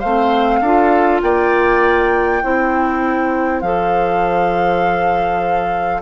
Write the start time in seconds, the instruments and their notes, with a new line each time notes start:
0.00 bassoon A3, clarinet C4, oboe C5, flute F5
0.61 bassoon D4, clarinet F4, oboe A4
1.22 bassoon A#3, oboe D5, flute G5
2.43 bassoon C4, clarinet E4, oboe C5
3.61 bassoon F3, clarinet A4, flute F5